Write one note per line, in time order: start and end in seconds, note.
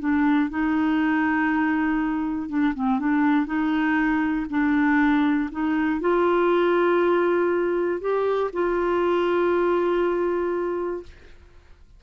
0.00 0.50 D4
0.50 2.49 D#4
2.49 2.74 D4
2.75 3.00 C4
3.00 3.47 D4
3.47 4.47 D#4
4.50 5.50 D4
5.52 6.01 D#4
6.01 8.01 F4
8.01 8.51 G4
8.53 11.03 F4